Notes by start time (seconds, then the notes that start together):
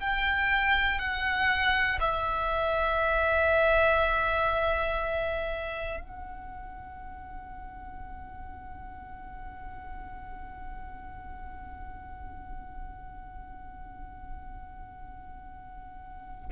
0.00 G5
1.00 F#5
2.01 E5
6.01 F#5